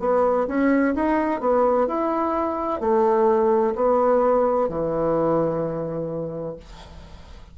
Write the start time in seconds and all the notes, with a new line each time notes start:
0.00 B3
0.48 C#4
0.95 D#4
1.41 B3
1.87 E4
2.80 A3
3.75 B3
4.69 E3